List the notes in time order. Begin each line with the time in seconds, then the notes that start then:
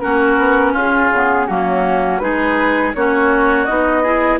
0.00 A#3 C#4 F#4 A#4
0.38 B3
0.72 C#4 F4 G#4
1.11 C#3 B3
1.47 F#3 A#3 C#4 F#4
2.18 G#3 D#4 G#4 B4
2.94 A#3 C#4 F#4 C#5
3.64 B3 D#4 D#5
4.02 E4 G#4